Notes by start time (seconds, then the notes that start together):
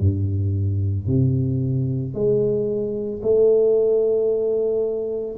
0.00 G2
1.07 C3
2.14 G#3
3.23 A3